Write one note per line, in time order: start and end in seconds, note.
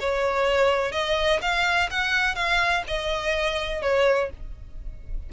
0.00 0.92 C#5
0.92 1.40 D#5
1.42 1.90 F5
1.91 2.35 F#5
2.35 2.83 F5
2.87 3.82 D#5
3.82 4.30 C#5